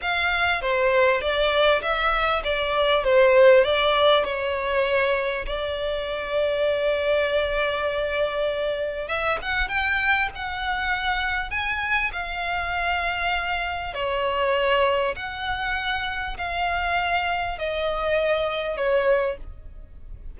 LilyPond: \new Staff \with { instrumentName = "violin" } { \time 4/4 \tempo 4 = 99 f''4 c''4 d''4 e''4 | d''4 c''4 d''4 cis''4~ | cis''4 d''2.~ | d''2. e''8 fis''8 |
g''4 fis''2 gis''4 | f''2. cis''4~ | cis''4 fis''2 f''4~ | f''4 dis''2 cis''4 | }